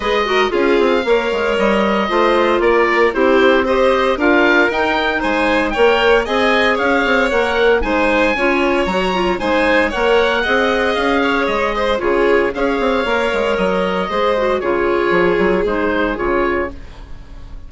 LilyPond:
<<
  \new Staff \with { instrumentName = "oboe" } { \time 4/4 \tempo 4 = 115 dis''4 f''2 dis''4~ | dis''4 d''4 c''4 dis''4 | f''4 g''4 gis''4 g''4 | gis''4 f''4 fis''4 gis''4~ |
gis''4 ais''4 gis''4 fis''4~ | fis''4 f''4 dis''4 cis''4 | f''2 dis''2 | cis''2 c''4 cis''4 | }
  \new Staff \with { instrumentName = "violin" } { \time 4/4 b'8 ais'8 gis'4 cis''2 | c''4 ais'4 g'4 c''4 | ais'2 c''4 cis''4 | dis''4 cis''2 c''4 |
cis''2 c''4 cis''4 | dis''4. cis''4 c''8 gis'4 | cis''2. c''4 | gis'1 | }
  \new Staff \with { instrumentName = "clarinet" } { \time 4/4 gis'8 fis'8 f'4 ais'2 | f'2 e'4 g'4 | f'4 dis'2 ais'4 | gis'2 ais'4 dis'4 |
f'4 fis'8 f'8 dis'4 ais'4 | gis'2. f'4 | gis'4 ais'2 gis'8 fis'8 | f'2 dis'4 f'4 | }
  \new Staff \with { instrumentName = "bassoon" } { \time 4/4 gis4 cis'8 c'8 ais8 gis8 g4 | a4 ais4 c'2 | d'4 dis'4 gis4 ais4 | c'4 cis'8 c'8 ais4 gis4 |
cis'4 fis4 gis4 ais4 | c'4 cis'4 gis4 cis4 | cis'8 c'8 ais8 gis8 fis4 gis4 | cis4 f8 fis8 gis4 cis4 | }
>>